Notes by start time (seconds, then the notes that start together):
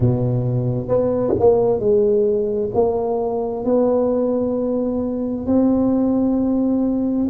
0.00 B2
0.88 B3
1.39 A#3
1.79 G#3
2.74 A#3
3.64 B3
5.46 C4